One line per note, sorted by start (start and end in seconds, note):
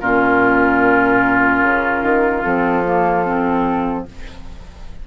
0.00 1.62 A#2
0.00 2.43 C#4
0.00 4.06 F4
0.00 2.43 A#4
1.62 2.02 C#3
2.02 2.43 D#3
2.43 4.07 F3
2.43 2.84 C4
2.43 4.05 A4
2.85 3.25 A#3
3.25 4.06 C4